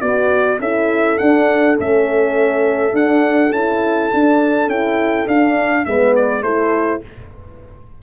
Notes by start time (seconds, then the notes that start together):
0.00 B3 F#4 B4 D5
0.59 C#4 E4 A4 E5
1.18 D4 F#5
1.75 A3 C#4 E5
2.93 D4 F#5
3.51 C#4 E4 A5
4.13 D4
4.67 C#4 E4 G5
5.27 D4 F5
5.85 G#3 B3 B4 E5
6.15 D5
6.42 A3 E4 A4 C5